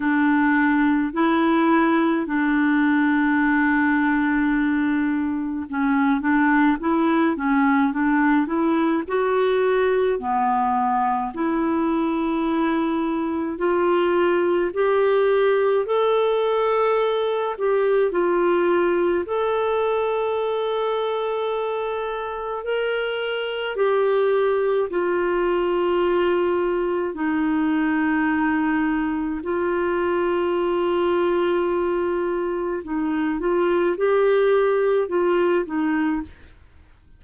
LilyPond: \new Staff \with { instrumentName = "clarinet" } { \time 4/4 \tempo 4 = 53 d'4 e'4 d'2~ | d'4 cis'8 d'8 e'8 cis'8 d'8 e'8 | fis'4 b4 e'2 | f'4 g'4 a'4. g'8 |
f'4 a'2. | ais'4 g'4 f'2 | dis'2 f'2~ | f'4 dis'8 f'8 g'4 f'8 dis'8 | }